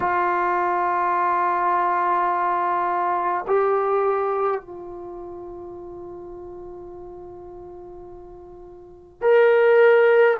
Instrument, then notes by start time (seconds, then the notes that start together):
trombone
0.00 F4
3.47 G4
4.60 F4
9.22 A#4